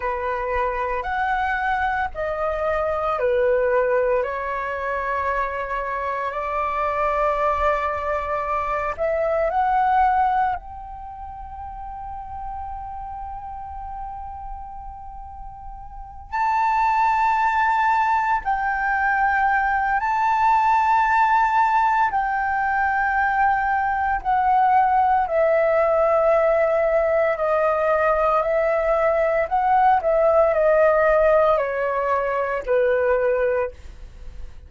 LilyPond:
\new Staff \with { instrumentName = "flute" } { \time 4/4 \tempo 4 = 57 b'4 fis''4 dis''4 b'4 | cis''2 d''2~ | d''8 e''8 fis''4 g''2~ | g''2.~ g''8 a''8~ |
a''4. g''4. a''4~ | a''4 g''2 fis''4 | e''2 dis''4 e''4 | fis''8 e''8 dis''4 cis''4 b'4 | }